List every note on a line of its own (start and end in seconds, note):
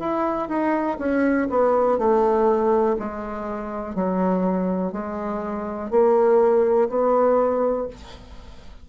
0.00 0.49 E4
0.49 0.98 D#4
0.99 1.48 C#4
1.50 1.99 B3
1.99 2.97 A3
2.99 3.95 G#3
3.95 4.93 F#3
4.93 5.91 G#3
5.91 6.89 A#3
6.89 7.88 B3